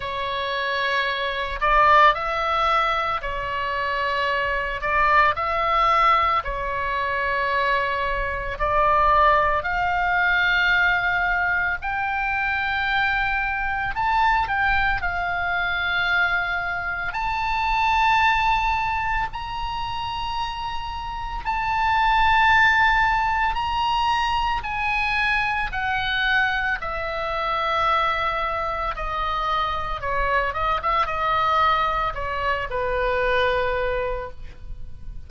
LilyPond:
\new Staff \with { instrumentName = "oboe" } { \time 4/4 \tempo 4 = 56 cis''4. d''8 e''4 cis''4~ | cis''8 d''8 e''4 cis''2 | d''4 f''2 g''4~ | g''4 a''8 g''8 f''2 |
a''2 ais''2 | a''2 ais''4 gis''4 | fis''4 e''2 dis''4 | cis''8 dis''16 e''16 dis''4 cis''8 b'4. | }